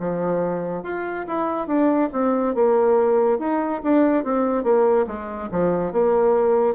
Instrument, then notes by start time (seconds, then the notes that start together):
bassoon
0.00 F3
0.84 F4
1.28 E4
1.67 D4
2.13 C4
2.55 A#3
3.40 D#4
3.84 D4
4.25 C4
4.64 A#3
5.07 G#3
5.52 F3
5.93 A#3